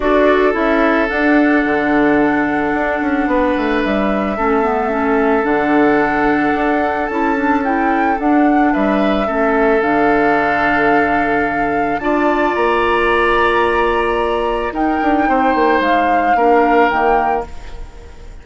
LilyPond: <<
  \new Staff \with { instrumentName = "flute" } { \time 4/4 \tempo 4 = 110 d''4 e''4 fis''2~ | fis''2. e''4~ | e''2 fis''2~ | fis''4 a''4 g''4 fis''4 |
e''2 f''2~ | f''2 a''4 ais''4~ | ais''2. g''4~ | g''4 f''2 g''4 | }
  \new Staff \with { instrumentName = "oboe" } { \time 4/4 a'1~ | a'2 b'2 | a'1~ | a'1 |
b'4 a'2.~ | a'2 d''2~ | d''2. ais'4 | c''2 ais'2 | }
  \new Staff \with { instrumentName = "clarinet" } { \time 4/4 fis'4 e'4 d'2~ | d'1 | cis'8 b8 cis'4 d'2~ | d'4 e'8 d'8 e'4 d'4~ |
d'4 cis'4 d'2~ | d'2 f'2~ | f'2. dis'4~ | dis'2 d'4 ais4 | }
  \new Staff \with { instrumentName = "bassoon" } { \time 4/4 d'4 cis'4 d'4 d4~ | d4 d'8 cis'8 b8 a8 g4 | a2 d2 | d'4 cis'2 d'4 |
g4 a4 d2~ | d2 d'4 ais4~ | ais2. dis'8 d'8 | c'8 ais8 gis4 ais4 dis4 | }
>>